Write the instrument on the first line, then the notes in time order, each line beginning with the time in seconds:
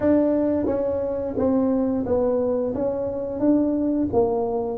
tuba
0.00 D4
0.66 C#4
1.37 C4
2.05 B3
2.74 C#4
3.39 D4
4.12 A#3